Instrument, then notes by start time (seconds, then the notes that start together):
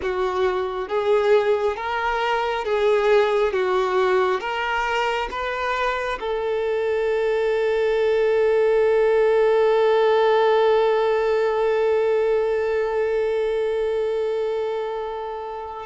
violin
0.02 F#4
0.88 G#4
1.76 A#4
2.65 G#4
3.52 F#4
4.40 A#4
5.30 B4
6.20 A4